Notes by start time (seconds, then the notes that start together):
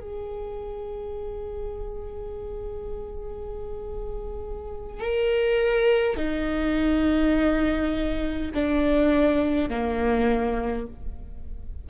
0.00 G#4
5.00 A#4
6.16 D#4
8.53 D4
9.69 A#3